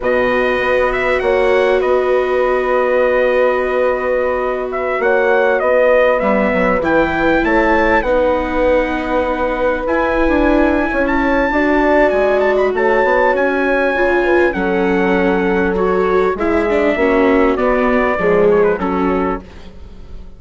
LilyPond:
<<
  \new Staff \with { instrumentName = "trumpet" } { \time 4/4 \tempo 4 = 99 dis''4. e''8 fis''4 dis''4~ | dis''2.~ dis''8. e''16~ | e''16 fis''4 dis''4 e''4 g''8.~ | g''16 a''4 fis''2~ fis''8.~ |
fis''16 gis''2 a''4.~ a''16 | gis''8 a''16 b''16 a''4 gis''2 | fis''2 cis''4 e''4~ | e''4 d''4. cis''16 b'16 a'4 | }
  \new Staff \with { instrumentName = "horn" } { \time 4/4 b'2 cis''4 b'4~ | b'1~ | b'16 cis''4 b'2~ b'8.~ | b'16 cis''4 b'2~ b'8.~ |
b'2 cis''4 d''4~ | d''4 cis''2~ cis''8 b'8 | a'2. gis'4 | fis'2 gis'4 fis'4 | }
  \new Staff \with { instrumentName = "viola" } { \time 4/4 fis'1~ | fis'1~ | fis'2~ fis'16 b4 e'8.~ | e'4~ e'16 dis'2~ dis'8.~ |
dis'16 e'2~ e'8. fis'4~ | fis'2. f'4 | cis'2 fis'4 e'8 d'8 | cis'4 b4 gis4 cis'4 | }
  \new Staff \with { instrumentName = "bassoon" } { \time 4/4 b,4 b4 ais4 b4~ | b1~ | b16 ais4 b4 g8 fis8 e8.~ | e16 a4 b2~ b8.~ |
b16 e'8. d'4 cis'4 d'4 | gis4 a8 b8 cis'4 cis4 | fis2. gis4 | ais4 b4 f4 fis4 | }
>>